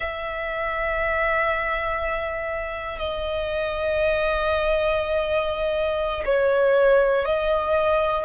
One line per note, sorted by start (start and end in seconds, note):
0.00 2.98 E5
2.98 6.23 D#5
6.25 7.25 C#5
7.25 8.25 D#5